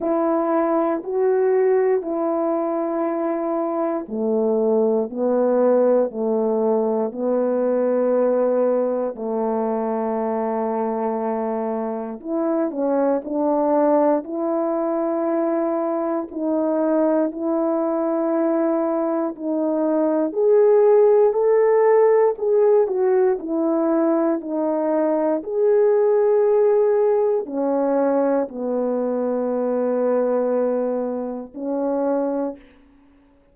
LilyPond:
\new Staff \with { instrumentName = "horn" } { \time 4/4 \tempo 4 = 59 e'4 fis'4 e'2 | a4 b4 a4 b4~ | b4 a2. | e'8 cis'8 d'4 e'2 |
dis'4 e'2 dis'4 | gis'4 a'4 gis'8 fis'8 e'4 | dis'4 gis'2 cis'4 | b2. cis'4 | }